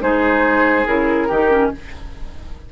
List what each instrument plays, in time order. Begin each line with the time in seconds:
0.00 bassoon G#3, clarinet D#4, oboe G#4, flute C5
0.86 bassoon C#3, clarinet E4, flute A#4
1.27 bassoon D#3, clarinet D#4, oboe G4
1.50 clarinet C#4